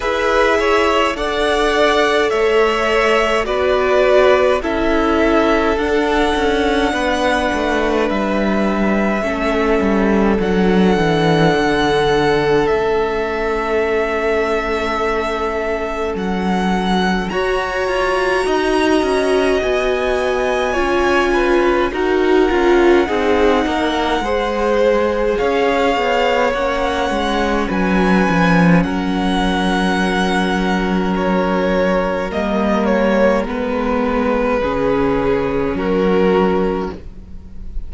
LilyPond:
<<
  \new Staff \with { instrumentName = "violin" } { \time 4/4 \tempo 4 = 52 e''4 fis''4 e''4 d''4 | e''4 fis''2 e''4~ | e''4 fis''2 e''4~ | e''2 fis''4 ais''4~ |
ais''4 gis''2 fis''4~ | fis''2 f''4 fis''4 | gis''4 fis''2 cis''4 | dis''8 cis''8 b'2 ais'4 | }
  \new Staff \with { instrumentName = "violin" } { \time 4/4 b'8 cis''8 d''4 cis''4 b'4 | a'2 b'2 | a'1~ | a'2. cis''4 |
dis''2 cis''8 b'8 ais'4 | gis'8 ais'8 c''4 cis''2 | b'4 ais'2.~ | ais'2 gis'4 fis'4 | }
  \new Staff \with { instrumentName = "viola" } { \time 4/4 gis'4 a'2 fis'4 | e'4 d'2. | cis'4 d'2 cis'4~ | cis'2. fis'4~ |
fis'2 f'4 fis'8 f'8 | dis'4 gis'2 cis'4~ | cis'1 | ais4 b4 cis'2 | }
  \new Staff \with { instrumentName = "cello" } { \time 4/4 e'4 d'4 a4 b4 | cis'4 d'8 cis'8 b8 a8 g4 | a8 g8 fis8 e8 d4 a4~ | a2 fis4 fis'8 f'8 |
dis'8 cis'8 b4 cis'4 dis'8 cis'8 | c'8 ais8 gis4 cis'8 b8 ais8 gis8 | fis8 f8 fis2. | g4 gis4 cis4 fis4 | }
>>